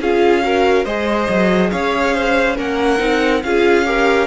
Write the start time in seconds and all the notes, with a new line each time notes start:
0.00 C#4 F4 G#4 F5
0.43 F#4 A#4
0.84 G#3 G#4 C5 D#5
1.29 F#3
1.70 C#4 C#5 F5
2.15 C5
2.56 A#3 C#4 A#4 F#5
2.98 C4 D#4
3.43 C#4 F4 G#4 F5
3.86 G4 A#4